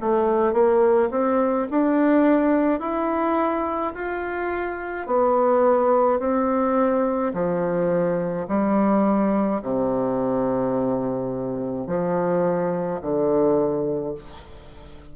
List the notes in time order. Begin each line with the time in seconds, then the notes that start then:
0.00 A3
0.53 A#3
1.11 C4
1.70 D4
2.79 E4
3.95 F4
5.07 B3
6.20 C4
7.33 F3
8.48 G3
9.62 C3
11.87 F3
13.01 D3